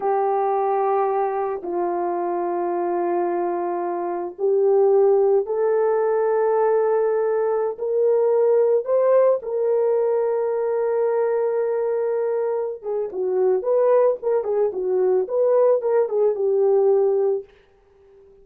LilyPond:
\new Staff \with { instrumentName = "horn" } { \time 4/4 \tempo 4 = 110 g'2. f'4~ | f'1 | g'2 a'2~ | a'2~ a'16 ais'4.~ ais'16~ |
ais'16 c''4 ais'2~ ais'8.~ | ais'2.~ ais'8 gis'8 | fis'4 b'4 ais'8 gis'8 fis'4 | b'4 ais'8 gis'8 g'2 | }